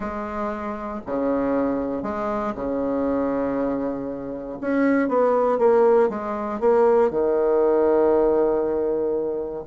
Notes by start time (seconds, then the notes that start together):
0.00 G#3
1.06 C#3
2.02 G#3
2.55 C#3
4.60 C#4
5.08 B3
5.58 A#3
6.09 G#3
6.59 A#3
7.10 D#3